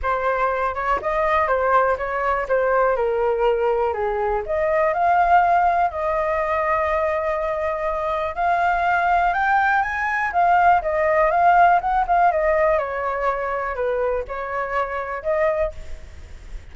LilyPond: \new Staff \with { instrumentName = "flute" } { \time 4/4 \tempo 4 = 122 c''4. cis''8 dis''4 c''4 | cis''4 c''4 ais'2 | gis'4 dis''4 f''2 | dis''1~ |
dis''4 f''2 g''4 | gis''4 f''4 dis''4 f''4 | fis''8 f''8 dis''4 cis''2 | b'4 cis''2 dis''4 | }